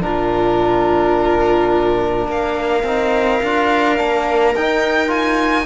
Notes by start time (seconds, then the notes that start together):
0.00 A#2 D4 F4 A#4
2.26 A#3 A#4 F5
2.83 C4 D#4
3.43 D4 F4
3.97 A#3 D4
4.55 D#4 G5
5.08 F4 G#5